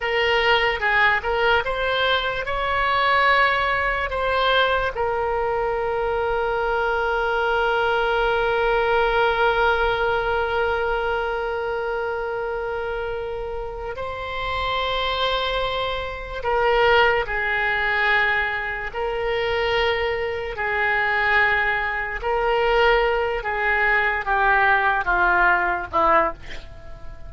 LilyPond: \new Staff \with { instrumentName = "oboe" } { \time 4/4 \tempo 4 = 73 ais'4 gis'8 ais'8 c''4 cis''4~ | cis''4 c''4 ais'2~ | ais'1~ | ais'1~ |
ais'4 c''2. | ais'4 gis'2 ais'4~ | ais'4 gis'2 ais'4~ | ais'8 gis'4 g'4 f'4 e'8 | }